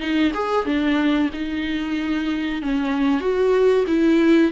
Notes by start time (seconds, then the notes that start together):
0.00 D#4
0.34 G#4
0.66 D4
1.33 D#4
2.62 C#4
3.21 F#4
3.87 E4